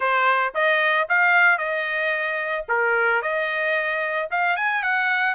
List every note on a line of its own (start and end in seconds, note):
0.00 0.53 C5
0.54 1.08 D#5
1.09 1.58 F5
1.58 2.65 D#5
2.68 3.21 A#4
3.21 4.29 D#5
4.31 4.56 F5
4.56 4.82 G#5
4.82 5.34 F#5